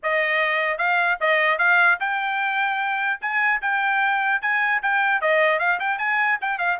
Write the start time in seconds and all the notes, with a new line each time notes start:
0.02 D#5
0.78 F5
1.20 D#5
1.58 F5
2.00 G5
3.21 G#5
3.61 G5
4.41 G#5
4.82 G5
5.21 D#5
5.59 F5
5.79 G5
5.98 G#5
6.41 G5
6.58 F5